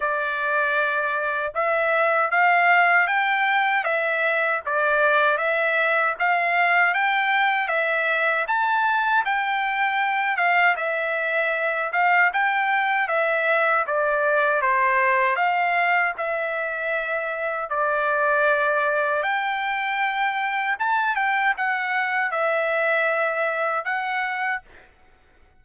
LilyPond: \new Staff \with { instrumentName = "trumpet" } { \time 4/4 \tempo 4 = 78 d''2 e''4 f''4 | g''4 e''4 d''4 e''4 | f''4 g''4 e''4 a''4 | g''4. f''8 e''4. f''8 |
g''4 e''4 d''4 c''4 | f''4 e''2 d''4~ | d''4 g''2 a''8 g''8 | fis''4 e''2 fis''4 | }